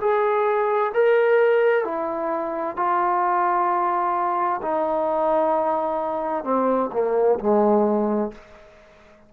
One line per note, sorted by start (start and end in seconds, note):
0.00 0.92 G#4
0.94 1.84 A#4
1.84 2.76 E4
2.76 4.61 F4
4.62 6.44 D#4
6.44 6.90 C4
6.92 7.38 A#3
7.39 8.32 G#3